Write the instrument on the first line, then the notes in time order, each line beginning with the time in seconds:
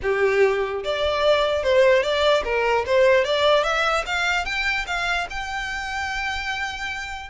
violin
0.02 G4
0.83 D5
1.63 C5
2.03 D5
2.44 A#4
2.86 C5
3.24 D5
3.63 E5
4.05 F5
4.45 G5
4.86 F5
5.29 G5